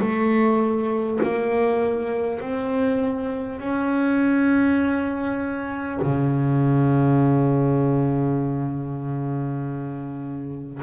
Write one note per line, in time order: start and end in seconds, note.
0.00 1.20 A3
1.23 2.41 A#3
2.41 3.60 C4
3.60 6.00 C#4
6.02 10.82 C#3